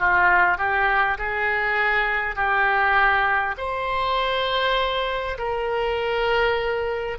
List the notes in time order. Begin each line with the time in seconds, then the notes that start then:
0.00 F4
0.58 G4
1.19 G#4
2.36 G4
3.58 C5
5.39 A#4